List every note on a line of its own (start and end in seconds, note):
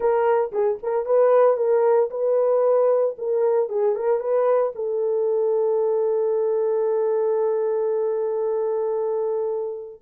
0.00 0.51 A#4
0.52 0.78 G#4
0.83 1.05 A#4
1.05 1.56 B4
1.56 2.09 A#4
2.10 3.16 B4
3.18 3.69 A#4
3.69 3.95 G#4
3.95 4.19 A#4
4.19 4.72 B4
4.75 10.01 A4